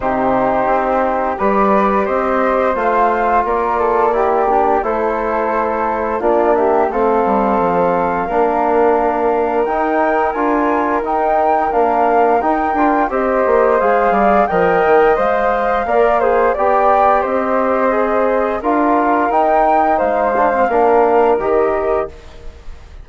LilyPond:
<<
  \new Staff \with { instrumentName = "flute" } { \time 4/4 \tempo 4 = 87 c''2 d''4 dis''4 | f''4 d''2 c''4~ | c''4 d''8 e''8 f''2~ | f''2 g''4 gis''4 |
g''4 f''4 g''4 dis''4 | f''4 g''4 f''2 | g''4 dis''2 f''4 | g''4 f''2 dis''4 | }
  \new Staff \with { instrumentName = "flute" } { \time 4/4 g'2 b'4 c''4~ | c''4 ais'8 a'8 g'4 a'4~ | a'4 f'8 g'8 a'2 | ais'1~ |
ais'2. c''4~ | c''8 d''8 dis''2 d''8 c''8 | d''4 c''2 ais'4~ | ais'4 c''4 ais'2 | }
  \new Staff \with { instrumentName = "trombone" } { \time 4/4 dis'2 g'2 | f'2 e'8 d'8 e'4~ | e'4 d'4 c'2 | d'2 dis'4 f'4 |
dis'4 d'4 dis'8 f'8 g'4 | gis'4 ais'4 c''4 ais'8 gis'8 | g'2 gis'4 f'4 | dis'4. d'16 c'16 d'4 g'4 | }
  \new Staff \with { instrumentName = "bassoon" } { \time 4/4 c4 c'4 g4 c'4 | a4 ais2 a4~ | a4 ais4 a8 g8 f4 | ais2 dis'4 d'4 |
dis'4 ais4 dis'8 d'8 c'8 ais8 | gis8 g8 f8 dis8 gis4 ais4 | b4 c'2 d'4 | dis'4 gis4 ais4 dis4 | }
>>